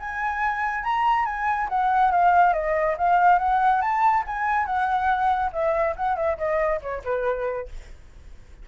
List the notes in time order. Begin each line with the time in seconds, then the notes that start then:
0.00 G#5
0.84 A#5
1.26 G#5
1.69 F#5
2.12 F5
2.54 D#5
2.98 F5
3.39 F#5
3.81 A5
4.27 G#5
4.66 F#5
5.53 E5
5.97 F#5
6.16 E5
6.38 D#5
6.82 C#5
7.05 B4